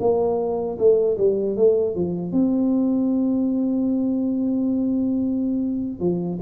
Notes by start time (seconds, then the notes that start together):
0.00 A#3
0.79 A3
1.18 G3
1.57 A3
1.96 F3
2.32 C4
6.00 F3